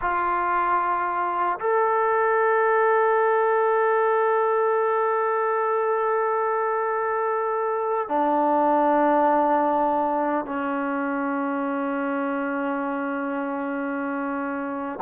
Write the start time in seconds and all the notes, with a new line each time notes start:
0.01 F4
1.59 A4
8.08 D4
10.45 C#4